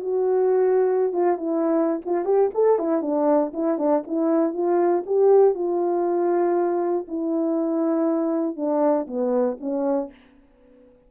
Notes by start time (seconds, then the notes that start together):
0.00 F#4
1.12 F4
1.37 E4
2.05 F4
2.25 G4
2.54 A4
2.78 E4
3.01 D4
3.53 E4
3.78 D4
4.07 E4
4.53 F4
5.06 G4
5.54 F4
7.07 E4
8.56 D4
9.07 B3
9.60 C#4